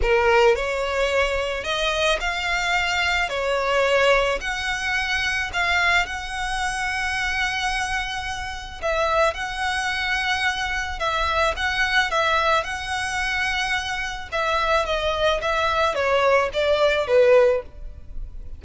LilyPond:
\new Staff \with { instrumentName = "violin" } { \time 4/4 \tempo 4 = 109 ais'4 cis''2 dis''4 | f''2 cis''2 | fis''2 f''4 fis''4~ | fis''1 |
e''4 fis''2. | e''4 fis''4 e''4 fis''4~ | fis''2 e''4 dis''4 | e''4 cis''4 d''4 b'4 | }